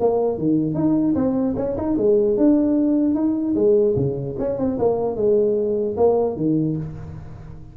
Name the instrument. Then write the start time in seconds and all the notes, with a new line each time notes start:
tuba
0.00 A#3
0.38 D#3
0.75 D#4
1.15 C4
1.57 C#4
1.77 D#4
1.98 G#3
2.37 D4
3.15 D#4
3.55 G#3
3.96 C#3
4.39 C#4
4.58 C4
4.79 A#3
5.16 G#3
5.97 A#3
6.37 D#3